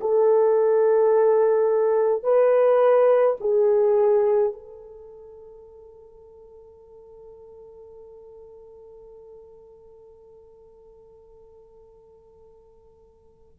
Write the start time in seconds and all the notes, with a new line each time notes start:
0.00 A4
2.23 B4
3.40 G#4
4.53 A4